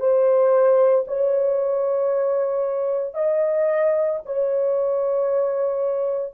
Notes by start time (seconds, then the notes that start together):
0.00 C5
1.08 C#5
3.14 D#5
4.25 C#5